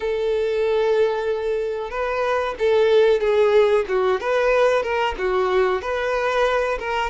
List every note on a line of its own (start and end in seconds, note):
0.00 1.90 A4
1.90 2.55 B4
2.58 3.20 A4
3.20 3.85 G#4
3.88 4.20 F#4
4.20 4.82 B4
4.82 5.14 A#4
5.18 5.81 F#4
5.81 6.78 B4
6.79 7.10 A#4